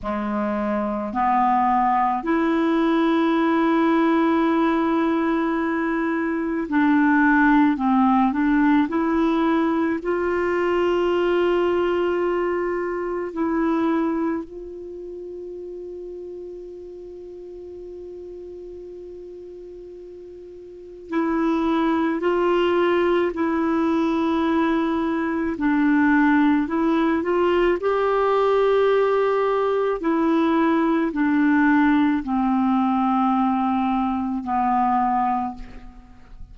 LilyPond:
\new Staff \with { instrumentName = "clarinet" } { \time 4/4 \tempo 4 = 54 gis4 b4 e'2~ | e'2 d'4 c'8 d'8 | e'4 f'2. | e'4 f'2.~ |
f'2. e'4 | f'4 e'2 d'4 | e'8 f'8 g'2 e'4 | d'4 c'2 b4 | }